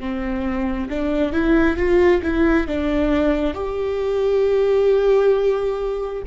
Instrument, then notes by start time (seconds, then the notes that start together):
viola
0.00 C4
0.90 D4
1.33 E4
1.77 F4
2.23 E4
2.68 D4
3.54 G4